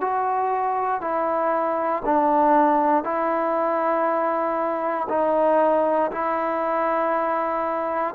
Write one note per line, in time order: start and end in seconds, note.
0.00 1.01 F#4
1.01 2.02 E4
2.05 3.04 D4
3.04 5.07 E4
5.09 6.11 D#4
6.11 8.14 E4